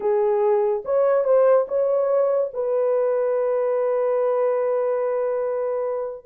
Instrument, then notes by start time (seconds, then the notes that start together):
horn
0.00 G#4
0.84 C#5
1.24 C5
1.68 C#5
2.53 B4